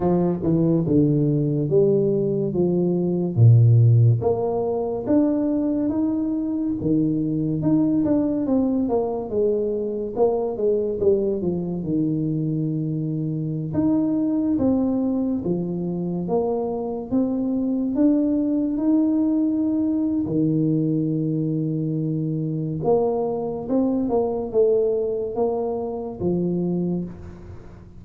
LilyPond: \new Staff \with { instrumentName = "tuba" } { \time 4/4 \tempo 4 = 71 f8 e8 d4 g4 f4 | ais,4 ais4 d'4 dis'4 | dis4 dis'8 d'8 c'8 ais8 gis4 | ais8 gis8 g8 f8 dis2~ |
dis16 dis'4 c'4 f4 ais8.~ | ais16 c'4 d'4 dis'4.~ dis'16 | dis2. ais4 | c'8 ais8 a4 ais4 f4 | }